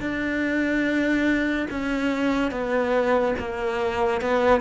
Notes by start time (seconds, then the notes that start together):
0.00 D4
1.70 C#4
2.51 B3
3.39 A#3
4.21 B3